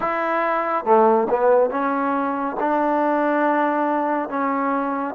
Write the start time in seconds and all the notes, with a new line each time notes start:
0.00 E4
0.85 A3
1.30 B3
1.70 C#4
2.59 D4
4.29 C#4